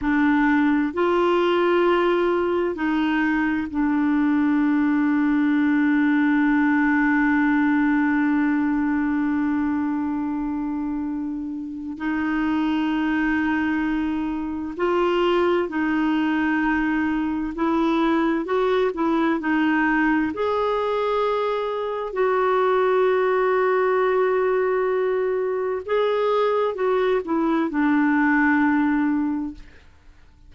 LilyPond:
\new Staff \with { instrumentName = "clarinet" } { \time 4/4 \tempo 4 = 65 d'4 f'2 dis'4 | d'1~ | d'1~ | d'4 dis'2. |
f'4 dis'2 e'4 | fis'8 e'8 dis'4 gis'2 | fis'1 | gis'4 fis'8 e'8 d'2 | }